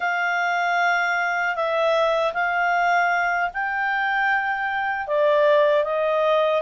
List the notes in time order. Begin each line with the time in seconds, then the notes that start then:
0.00 F5
1.55 E5
2.33 F5
3.53 G5
5.07 D5
5.84 D#5